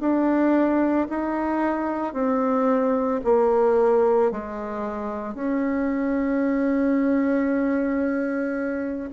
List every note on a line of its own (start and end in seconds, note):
0.00 1.07 D4
1.10 2.13 D#4
2.13 3.20 C4
3.24 4.31 A#3
4.31 5.34 G#3
5.34 9.09 C#4